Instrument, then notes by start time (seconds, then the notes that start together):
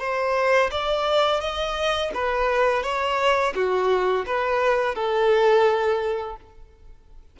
violin
0.00 C5
0.71 D5
1.41 D#5
2.15 B4
2.83 C#5
3.55 F#4
4.26 B4
4.95 A4